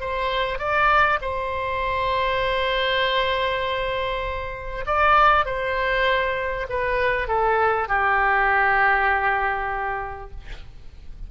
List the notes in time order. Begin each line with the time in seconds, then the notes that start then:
0.00 C5
0.58 D5
1.21 C5
4.86 D5
5.45 C5
6.69 B4
7.28 A4
7.88 G4